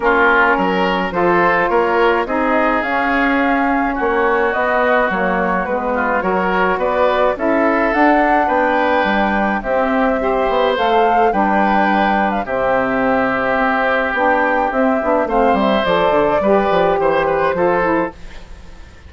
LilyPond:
<<
  \new Staff \with { instrumentName = "flute" } { \time 4/4 \tempo 4 = 106 ais'2 c''4 cis''4 | dis''4 f''2 cis''4 | dis''4 cis''4 b'4 cis''4 | d''4 e''4 fis''4 g''4~ |
g''4 e''2 f''4 | g''4.~ g''16 f''16 e''2~ | e''4 g''4 e''4 f''8 e''8 | d''2 c''2 | }
  \new Staff \with { instrumentName = "oboe" } { \time 4/4 f'4 ais'4 a'4 ais'4 | gis'2. fis'4~ | fis'2~ fis'8 f'8 ais'4 | b'4 a'2 b'4~ |
b'4 g'4 c''2 | b'2 g'2~ | g'2. c''4~ | c''4 b'4 c''8 b'8 a'4 | }
  \new Staff \with { instrumentName = "saxophone" } { \time 4/4 cis'2 f'2 | dis'4 cis'2. | b4 ais4 b4 fis'4~ | fis'4 e'4 d'2~ |
d'4 c'4 g'4 a'4 | d'2 c'2~ | c'4 d'4 c'8 d'8 c'4 | a'4 g'2 f'8 e'8 | }
  \new Staff \with { instrumentName = "bassoon" } { \time 4/4 ais4 fis4 f4 ais4 | c'4 cis'2 ais4 | b4 fis4 gis4 fis4 | b4 cis'4 d'4 b4 |
g4 c'4. b8 a4 | g2 c2 | c'4 b4 c'8 b8 a8 g8 | f8 d8 g8 f8 e4 f4 | }
>>